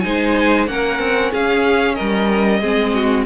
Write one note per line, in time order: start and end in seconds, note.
0.00 0.67 G#3
0.00 0.67 D#4
0.00 0.69 C5
0.00 0.65 G#5
0.67 0.99 A#3
0.67 2.61 C#4
0.67 1.32 A#4
0.67 1.32 F#5
0.99 1.31 C4
1.32 1.99 C#4
1.32 1.95 G#4
1.32 1.95 F5
1.95 2.62 G3
1.95 2.60 A#4
1.95 3.24 D#5
2.61 3.26 G#3
2.61 3.26 C4
2.61 2.93 G#4
2.94 3.26 F#4